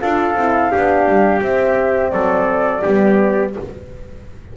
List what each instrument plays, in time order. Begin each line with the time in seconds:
0.00 double bass D4, horn F4, trumpet A4, flute F5
0.35 double bass C4, horn E4
0.71 double bass B3, horn D4, trumpet G4
1.08 double bass G3
1.41 horn C4, double bass C4, flute E5
2.10 double bass F#3, trumpet A4, flute D5
2.82 double bass G3, horn B3, trumpet G4